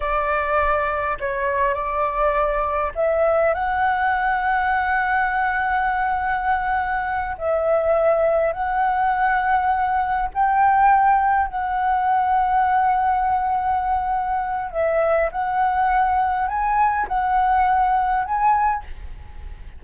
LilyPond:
\new Staff \with { instrumentName = "flute" } { \time 4/4 \tempo 4 = 102 d''2 cis''4 d''4~ | d''4 e''4 fis''2~ | fis''1~ | fis''8 e''2 fis''4.~ |
fis''4. g''2 fis''8~ | fis''1~ | fis''4 e''4 fis''2 | gis''4 fis''2 gis''4 | }